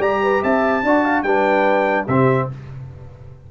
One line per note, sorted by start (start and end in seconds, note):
0.00 0.41 G3
0.00 0.84 G4
0.00 0.21 D5
0.00 0.43 A#5
0.23 0.43 B4
0.43 0.84 C4
0.43 0.84 E5
0.43 1.23 A5
0.84 1.24 D4
0.84 1.26 F#4
0.84 1.05 D5
1.05 1.25 F5
1.23 2.06 G3
1.23 2.08 D4
1.23 2.07 B4
1.23 2.05 G5
2.07 2.49 C3
2.07 2.51 C4
2.07 2.48 G4
2.07 2.49 E5